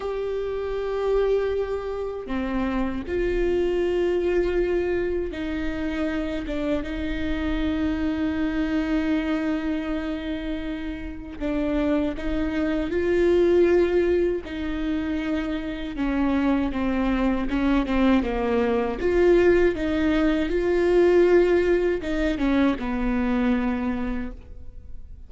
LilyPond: \new Staff \with { instrumentName = "viola" } { \time 4/4 \tempo 4 = 79 g'2. c'4 | f'2. dis'4~ | dis'8 d'8 dis'2.~ | dis'2. d'4 |
dis'4 f'2 dis'4~ | dis'4 cis'4 c'4 cis'8 c'8 | ais4 f'4 dis'4 f'4~ | f'4 dis'8 cis'8 b2 | }